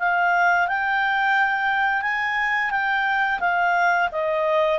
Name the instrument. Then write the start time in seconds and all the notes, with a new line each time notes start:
clarinet
0.00 F5
0.68 G5
2.02 G#5
2.71 G5
3.40 F5
4.12 D#5